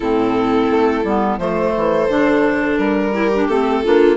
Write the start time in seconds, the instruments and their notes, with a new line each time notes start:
0.00 bassoon A2, clarinet C4, viola E4, violin A4
0.70 bassoon A3
1.04 bassoon G3, clarinet B3
1.38 bassoon F3, clarinet A3, viola A4, violin C5
1.76 bassoon E3
2.08 bassoon D3, clarinet D4
2.78 bassoon G3, violin A#4
3.12 clarinet E4, viola G4
3.34 clarinet D4
3.48 bassoon A3, clarinet C4, violin A4
3.83 bassoon A#3, clarinet D4, viola F4